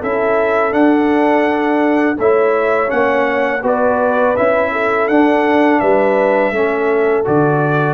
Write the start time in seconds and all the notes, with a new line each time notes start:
0.00 C#4 E4 A4 E5
0.71 D4 F#5
2.18 A3 E4 C#5 E5
2.87 A#3 C#4 F#5
3.62 B3 F#4 B4 D5
4.36 C#4 E4 E5
4.72 A4
5.08 D4 F#5
5.80 G3 B4 E5
6.51 A3 C#4 A4
7.25 D3 F#4 D5